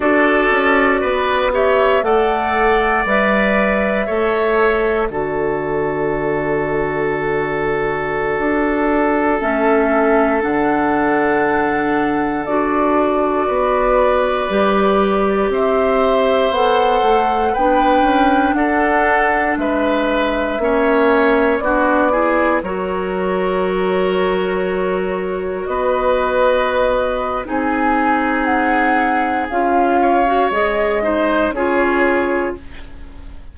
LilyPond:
<<
  \new Staff \with { instrumentName = "flute" } { \time 4/4 \tempo 4 = 59 d''4. e''8 fis''4 e''4~ | e''4 d''2.~ | d''4~ d''16 e''4 fis''4.~ fis''16~ | fis''16 d''2. e''8.~ |
e''16 fis''4 g''4 fis''4 e''8.~ | e''4~ e''16 d''4 cis''4.~ cis''16~ | cis''4~ cis''16 dis''4.~ dis''16 gis''4 | fis''4 f''4 dis''4 cis''4 | }
  \new Staff \with { instrumentName = "oboe" } { \time 4/4 a'4 b'8 cis''8 d''2 | cis''4 a'2.~ | a'1~ | a'4~ a'16 b'2 c''8.~ |
c''4~ c''16 b'4 a'4 b'8.~ | b'16 cis''4 fis'8 gis'8 ais'4.~ ais'16~ | ais'4~ ais'16 b'4.~ b'16 gis'4~ | gis'4. cis''4 c''8 gis'4 | }
  \new Staff \with { instrumentName = "clarinet" } { \time 4/4 fis'4. g'8 a'4 b'4 | a'4 fis'2.~ | fis'4~ fis'16 cis'4 d'4.~ d'16~ | d'16 fis'2 g'4.~ g'16~ |
g'16 a'4 d'2~ d'8.~ | d'16 cis'4 d'8 e'8 fis'4.~ fis'16~ | fis'2. dis'4~ | dis'4 f'8. fis'16 gis'8 dis'8 f'4 | }
  \new Staff \with { instrumentName = "bassoon" } { \time 4/4 d'8 cis'8 b4 a4 g4 | a4 d2.~ | d16 d'4 a4 d4.~ d16~ | d16 d'4 b4 g4 c'8.~ |
c'16 b8 a8 b8 cis'8 d'4 gis8.~ | gis16 ais4 b4 fis4.~ fis16~ | fis4~ fis16 b4.~ b16 c'4~ | c'4 cis'4 gis4 cis'4 | }
>>